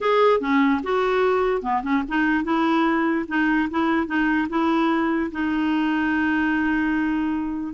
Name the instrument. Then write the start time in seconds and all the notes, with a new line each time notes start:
clarinet
0.01 G#4
0.40 C#4
0.83 F#4
1.62 B3
1.83 C#4
2.08 D#4
2.44 E4
3.28 D#4
3.70 E4
4.06 D#4
4.49 E4
5.31 D#4